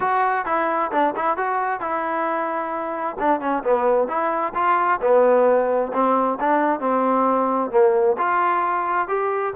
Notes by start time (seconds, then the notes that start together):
0.00 F#4
0.45 E4
0.91 D4
1.15 E4
1.37 F#4
1.80 E4
3.19 D4
3.40 C#4
3.63 B3
4.07 E4
4.54 F4
5.01 B3
5.93 C4
6.40 D4
6.80 C4
7.70 A#3
8.18 F4
9.08 G4